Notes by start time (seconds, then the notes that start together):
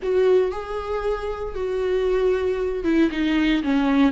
0.02 F#4
0.51 G#4
1.54 F#4
2.84 E4
3.11 D#4
3.63 C#4